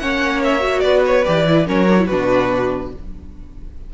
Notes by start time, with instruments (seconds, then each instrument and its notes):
0.00 cello A#3, viola C#4, violin C#5 F#5
0.44 violin E5
0.60 viola F#4
0.81 cello B3, violin B4 D5
1.06 violin C#5
1.25 cello E3, viola G4, violin D5
1.47 viola E4
1.67 cello F#3, viola C#4, violin A#4 C#5
1.90 viola D4
1.99 viola E4
2.06 cello B2, viola D4, violin F#4 B4